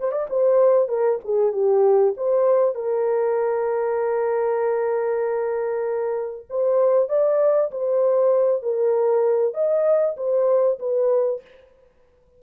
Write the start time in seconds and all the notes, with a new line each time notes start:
0.00 C5
0.12 D5
0.30 C5
0.88 A#4
1.24 G#4
1.52 G4
2.17 C5
2.75 A#4
6.50 C5
7.09 D5
7.71 C5
8.63 A#4
9.54 D#5
10.17 C5
10.79 B4